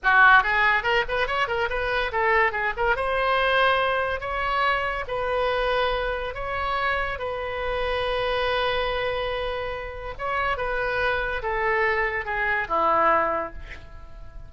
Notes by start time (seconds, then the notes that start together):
0.03 F#4
0.43 G#4
0.83 A#4
1.08 B4
1.27 C#5
1.47 A#4
1.69 B4
2.12 A4
2.52 G#4
2.76 A#4
2.96 C5
4.20 C#5
5.07 B4
6.34 C#5
7.18 B4
10.18 C#5
10.57 B4
11.42 A4
12.25 G#4
12.68 E4